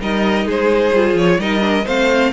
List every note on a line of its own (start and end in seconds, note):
0.00 0.45 G3
0.00 0.93 D#4
0.00 0.46 A#4
0.00 0.49 D#5
0.45 0.91 G#3
0.45 1.39 G#4
0.45 1.17 C5
0.93 1.14 G3
0.93 1.40 F4
1.14 1.37 F3
1.14 1.40 C#5
1.38 1.85 G3
1.38 1.59 D#4
1.38 1.84 A#4
1.38 1.86 D#5
1.59 1.82 D4
1.84 2.33 A3
1.84 2.33 C4
1.84 2.31 C5
1.84 2.33 F5